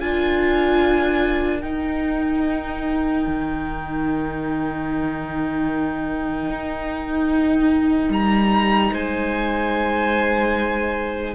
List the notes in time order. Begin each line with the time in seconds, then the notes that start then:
0.00 D4 F4 A#4 G#5
1.62 D#4 G5
3.27 D#3
6.50 D#4
8.10 G3 A#5
8.92 G#3 C5 G#5